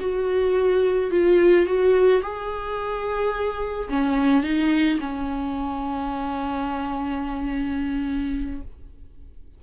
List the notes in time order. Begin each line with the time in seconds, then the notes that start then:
0.00 F#4
1.11 F4
1.66 F#4
2.22 G#4
3.90 C#4
4.43 D#4
5.00 C#4